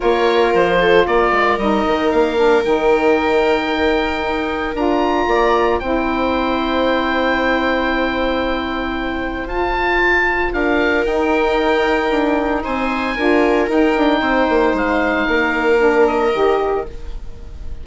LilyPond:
<<
  \new Staff \with { instrumentName = "oboe" } { \time 4/4 \tempo 4 = 114 cis''4 c''4 d''4 dis''4 | f''4 g''2.~ | g''4 ais''2 g''4~ | g''1~ |
g''2 a''2 | f''4 g''2. | gis''2 g''2 | f''2~ f''8 dis''4. | }
  \new Staff \with { instrumentName = "viola" } { \time 4/4 ais'4. a'8 ais'2~ | ais'1~ | ais'2 d''4 c''4~ | c''1~ |
c''1 | ais'1 | c''4 ais'2 c''4~ | c''4 ais'2. | }
  \new Staff \with { instrumentName = "saxophone" } { \time 4/4 f'2. dis'4~ | dis'8 d'8 dis'2.~ | dis'4 f'2 e'4~ | e'1~ |
e'2 f'2~ | f'4 dis'2.~ | dis'4 f'4 dis'2~ | dis'2 d'4 g'4 | }
  \new Staff \with { instrumentName = "bassoon" } { \time 4/4 ais4 f4 ais8 gis8 g8 dis8 | ais4 dis2. | dis'4 d'4 ais4 c'4~ | c'1~ |
c'2 f'2 | d'4 dis'2 d'4 | c'4 d'4 dis'8 d'8 c'8 ais8 | gis4 ais2 dis4 | }
>>